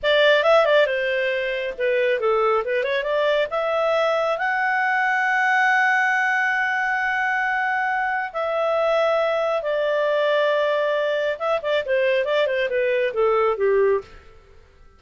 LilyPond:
\new Staff \with { instrumentName = "clarinet" } { \time 4/4 \tempo 4 = 137 d''4 e''8 d''8 c''2 | b'4 a'4 b'8 cis''8 d''4 | e''2 fis''2~ | fis''1~ |
fis''2. e''4~ | e''2 d''2~ | d''2 e''8 d''8 c''4 | d''8 c''8 b'4 a'4 g'4 | }